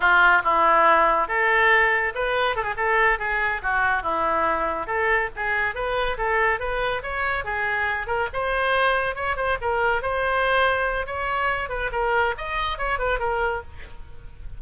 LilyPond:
\new Staff \with { instrumentName = "oboe" } { \time 4/4 \tempo 4 = 141 f'4 e'2 a'4~ | a'4 b'4 a'16 gis'16 a'4 gis'8~ | gis'8 fis'4 e'2 a'8~ | a'8 gis'4 b'4 a'4 b'8~ |
b'8 cis''4 gis'4. ais'8 c''8~ | c''4. cis''8 c''8 ais'4 c''8~ | c''2 cis''4. b'8 | ais'4 dis''4 cis''8 b'8 ais'4 | }